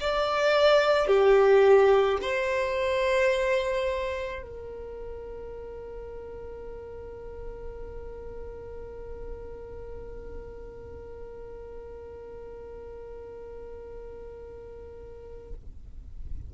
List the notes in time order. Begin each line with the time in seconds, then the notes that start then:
0.00 D5
1.07 G4
2.21 C5
4.42 A#4